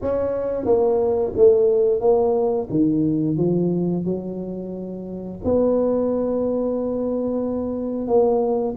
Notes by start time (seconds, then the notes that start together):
0.01 C#4
0.65 A#3
1.36 A3
2.00 A#3
2.70 D#3
3.37 F3
4.04 F#3
5.44 B3
8.07 A#3